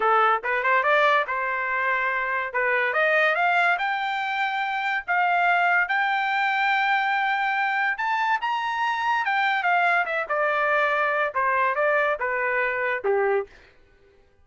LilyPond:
\new Staff \with { instrumentName = "trumpet" } { \time 4/4 \tempo 4 = 143 a'4 b'8 c''8 d''4 c''4~ | c''2 b'4 dis''4 | f''4 g''2. | f''2 g''2~ |
g''2. a''4 | ais''2 g''4 f''4 | e''8 d''2~ d''8 c''4 | d''4 b'2 g'4 | }